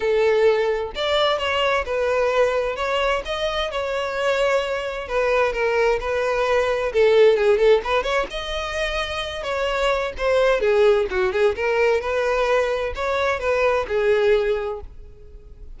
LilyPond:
\new Staff \with { instrumentName = "violin" } { \time 4/4 \tempo 4 = 130 a'2 d''4 cis''4 | b'2 cis''4 dis''4 | cis''2. b'4 | ais'4 b'2 a'4 |
gis'8 a'8 b'8 cis''8 dis''2~ | dis''8 cis''4. c''4 gis'4 | fis'8 gis'8 ais'4 b'2 | cis''4 b'4 gis'2 | }